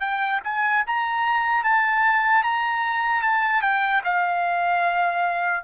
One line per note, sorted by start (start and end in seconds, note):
0.00 0.40 G5
0.44 0.84 G#5
0.87 1.64 A#5
1.64 2.43 A5
2.43 3.22 A#5
3.22 3.62 A5
3.62 4.02 G5
4.04 5.64 F5